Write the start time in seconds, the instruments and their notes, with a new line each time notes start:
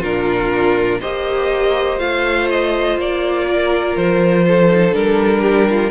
0.00 cello A#2, viola D4, violin F4 A#4
1.00 cello A#3, viola G4, violin C5 D#5
1.99 cello A3, viola F4, violin F5
2.50 violin D#5
2.98 cello A#3, violin D5
3.48 violin A#4
3.97 cello F3, violin C5
4.48 violin A4
4.70 viola D#4
4.91 cello G3, viola D4, violin A#4
5.42 violin G4
5.70 violin F4